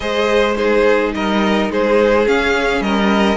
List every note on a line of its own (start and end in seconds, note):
0.00 1.13 G#3
0.00 0.55 G#4
0.00 0.57 C5
0.00 0.54 D#5
0.55 2.25 D#4
0.55 1.13 G#4
0.55 1.12 C5
1.13 1.69 G3
1.13 1.71 A#4
1.13 1.71 D#5
1.70 2.27 G#3
1.70 2.83 G#4
1.70 2.27 C5
2.25 3.37 C#4
2.25 2.80 C#4
2.25 2.82 F5
2.80 3.37 G3
2.80 3.37 A#4
2.80 3.37 D#5